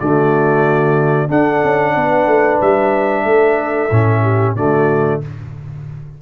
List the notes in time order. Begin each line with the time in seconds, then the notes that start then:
0.00 D3 A3 F#4 D5
1.29 D4 A4 F#5
1.64 C#4
1.95 B3 B4
2.27 A3
2.61 G3 E5
3.25 A3 A4
3.91 A2 C#4
4.22 G4
4.56 D3 A3 F#4 D5